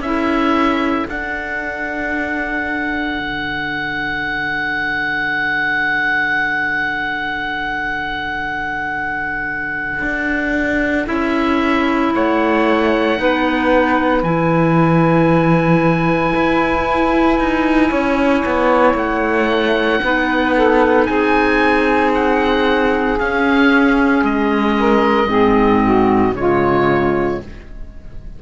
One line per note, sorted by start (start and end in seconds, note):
0.00 1.05 C#4
0.00 1.08 E4
0.00 12.12 A4
0.00 1.07 E5
1.08 11.06 D4
1.08 3.19 D4
1.08 11.07 F#5
3.19 10.02 D3
10.02 11.07 D4
11.06 12.14 C#4
11.06 13.16 E4
11.06 12.13 E5
12.14 13.19 A3
12.14 13.19 C#5
12.14 14.23 F#5
13.17 14.22 B3
13.17 14.22 D#4
13.17 17.90 B4
14.22 16.33 E3
14.22 20.03 E4
14.22 18.96 G#5
16.35 17.38 E4
17.38 17.91 D#4
17.90 18.44 C#4
17.90 20.00 C#5
18.45 18.94 B3
18.94 19.99 A3
18.94 21.05 F#5
20.03 21.09 B3
20.03 23.19 D#4
20.03 20.55 B4
20.55 21.07 A4
21.05 23.19 C4
21.05 24.76 G#4
21.05 22.11 G#5
22.14 23.19 F#5
23.19 25.28 C#4
23.19 24.22 C#4
23.19 24.25 F5
24.22 25.27 G#3
24.22 26.35 D#5
24.79 25.29 A#4
25.27 26.32 G#2
25.27 26.33 C4
25.27 25.81 G#4
25.84 26.36 F#4
26.33 27.38 C#3
26.33 27.41 G#3
26.33 27.42 F4
26.33 27.41 C#5